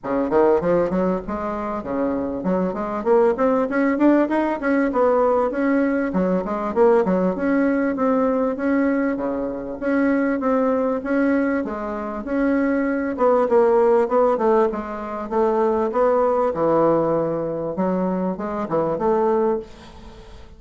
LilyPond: \new Staff \with { instrumentName = "bassoon" } { \time 4/4 \tempo 4 = 98 cis8 dis8 f8 fis8 gis4 cis4 | fis8 gis8 ais8 c'8 cis'8 d'8 dis'8 cis'8 | b4 cis'4 fis8 gis8 ais8 fis8 | cis'4 c'4 cis'4 cis4 |
cis'4 c'4 cis'4 gis4 | cis'4. b8 ais4 b8 a8 | gis4 a4 b4 e4~ | e4 fis4 gis8 e8 a4 | }